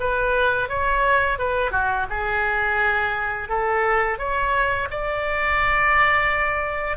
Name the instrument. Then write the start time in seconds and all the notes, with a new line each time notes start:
oboe
0.00 B4
0.69 C#5
1.39 B4
1.72 F#4
2.10 G#4
3.49 A4
4.19 C#5
4.90 D5